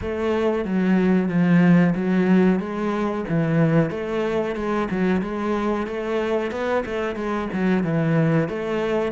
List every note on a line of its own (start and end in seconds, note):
0.01 0.64 A3
0.64 1.29 F#3
1.29 1.94 F3
1.95 2.59 F#3
2.59 3.24 G#3
3.28 3.90 E3
3.90 4.55 A3
4.55 4.88 G#3
4.90 5.21 F#3
5.21 5.86 G#3
5.86 6.51 A3
6.51 6.83 B3
6.85 7.15 A3
7.15 7.48 G#3
7.53 7.83 F#3
7.83 8.48 E3
8.48 9.12 A3